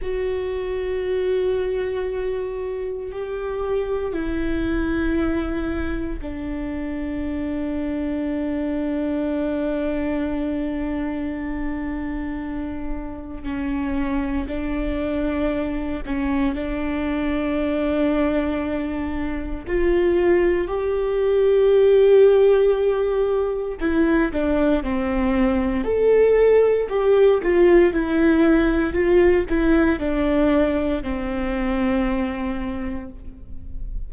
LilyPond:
\new Staff \with { instrumentName = "viola" } { \time 4/4 \tempo 4 = 58 fis'2. g'4 | e'2 d'2~ | d'1~ | d'4 cis'4 d'4. cis'8 |
d'2. f'4 | g'2. e'8 d'8 | c'4 a'4 g'8 f'8 e'4 | f'8 e'8 d'4 c'2 | }